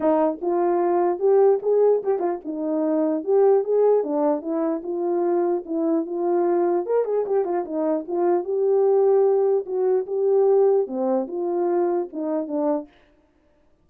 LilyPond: \new Staff \with { instrumentName = "horn" } { \time 4/4 \tempo 4 = 149 dis'4 f'2 g'4 | gis'4 g'8 f'8 dis'2 | g'4 gis'4 d'4 e'4 | f'2 e'4 f'4~ |
f'4 ais'8 gis'8 g'8 f'8 dis'4 | f'4 g'2. | fis'4 g'2 c'4 | f'2 dis'4 d'4 | }